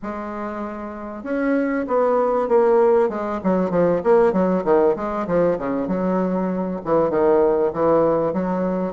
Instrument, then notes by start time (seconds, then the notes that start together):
bassoon
0.02 G#3
1.23 C#4
1.87 B3
2.48 A#3
3.09 G#3
3.43 F#3
3.70 F3
4.03 A#3
4.32 F#3
4.64 D#3
4.96 G#3
5.27 F3
5.58 C#3
5.87 F#3
6.84 E3
7.10 D#3
7.73 E3
8.33 F#3